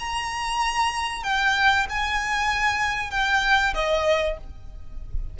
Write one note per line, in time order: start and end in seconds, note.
0.00 1.24 A#5
1.24 1.87 G5
1.90 3.11 G#5
3.11 3.74 G5
3.75 4.38 D#5